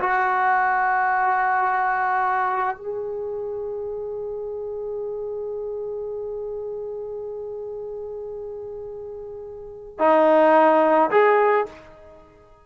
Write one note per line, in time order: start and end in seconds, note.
0.00 2.77 F#4
2.77 9.99 G#4
9.99 11.10 D#4
11.11 11.66 G#4